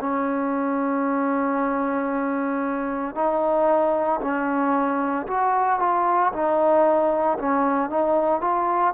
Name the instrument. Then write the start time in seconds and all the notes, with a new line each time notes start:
trombone
0.00 C#4
3.15 D#4
4.22 C#4
5.27 F#4
5.80 F4
6.33 D#4
7.39 C#4
7.90 D#4
8.42 F4